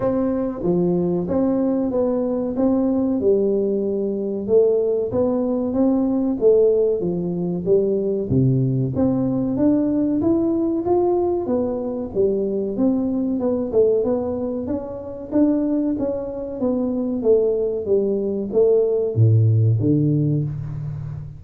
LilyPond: \new Staff \with { instrumentName = "tuba" } { \time 4/4 \tempo 4 = 94 c'4 f4 c'4 b4 | c'4 g2 a4 | b4 c'4 a4 f4 | g4 c4 c'4 d'4 |
e'4 f'4 b4 g4 | c'4 b8 a8 b4 cis'4 | d'4 cis'4 b4 a4 | g4 a4 a,4 d4 | }